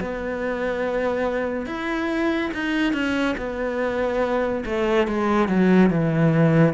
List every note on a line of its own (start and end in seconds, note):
0.00 1.66 B3
1.66 2.50 E4
2.54 2.93 D#4
2.93 3.35 C#4
3.37 4.64 B3
4.65 5.07 A3
5.07 5.48 G#3
5.48 5.90 F#3
5.90 6.74 E3